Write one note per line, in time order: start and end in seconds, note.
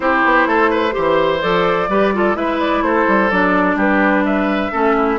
0.00 0.23 C4
0.00 0.91 E4
0.00 0.48 G4
0.00 1.41 C5
0.24 0.46 B3
0.46 0.93 A3
0.46 0.70 A4
0.70 0.94 B4
0.91 1.43 E3
0.91 1.38 G4
0.91 1.89 C5
1.41 1.88 F3
1.41 1.88 A4
1.41 2.35 D5
1.88 2.35 G3
1.88 2.14 G4
1.88 2.13 B4
2.14 2.34 F4
2.14 2.36 A4
2.34 2.82 G#3
2.34 3.29 E4
2.34 2.84 B4
2.34 2.59 E5
2.59 2.83 D5
2.82 3.05 A3
2.82 3.76 A4
2.82 3.30 C5
3.07 3.31 G3
3.30 3.75 F#3
3.30 4.72 D4
3.30 3.77 D5
3.75 4.70 G3
3.75 4.23 G4
3.75 4.25 B4
4.25 4.72 B4
4.25 5.19 E5
4.72 5.19 A3
4.72 5.19 C#4
4.72 4.95 A4
4.96 5.19 E4